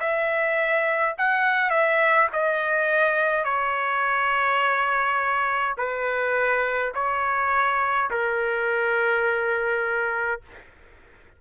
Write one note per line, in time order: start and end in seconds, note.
0.00 1.15 E5
1.18 1.70 F#5
1.70 2.28 E5
2.33 3.44 D#5
3.44 5.75 C#5
5.77 6.92 B4
6.94 8.10 C#5
8.10 10.41 A#4